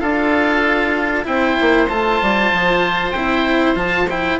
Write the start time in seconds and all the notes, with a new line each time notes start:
0.00 D4 F4 A4 F5
1.24 C4 E4 C5 G5
1.60 A#3
1.89 A3 F4 A5
2.21 G3
2.52 F3
3.11 C4 E4 G5
3.75 F3 F4 A5
4.10 E4 G5